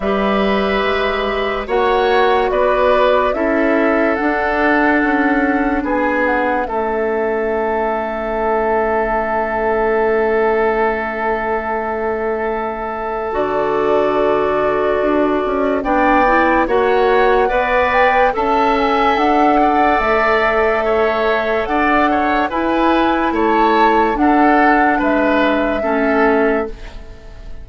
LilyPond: <<
  \new Staff \with { instrumentName = "flute" } { \time 4/4 \tempo 4 = 72 e''2 fis''4 d''4 | e''4 fis''2 gis''8 fis''8 | e''1~ | e''1 |
d''2. g''4 | fis''4. g''8 a''8 gis''8 fis''4 | e''2 fis''4 gis''4 | a''4 fis''4 e''2 | }
  \new Staff \with { instrumentName = "oboe" } { \time 4/4 b'2 cis''4 b'4 | a'2. gis'4 | a'1~ | a'1~ |
a'2. d''4 | cis''4 d''4 e''4. d''8~ | d''4 cis''4 d''8 cis''8 b'4 | cis''4 a'4 b'4 a'4 | }
  \new Staff \with { instrumentName = "clarinet" } { \time 4/4 g'2 fis'2 | e'4 d'2. | cis'1~ | cis'1 |
fis'2. d'8 e'8 | fis'4 b'4 a'2~ | a'2. e'4~ | e'4 d'2 cis'4 | }
  \new Staff \with { instrumentName = "bassoon" } { \time 4/4 g4 gis4 ais4 b4 | cis'4 d'4 cis'4 b4 | a1~ | a1 |
d2 d'8 cis'8 b4 | ais4 b4 cis'4 d'4 | a2 d'4 e'4 | a4 d'4 gis4 a4 | }
>>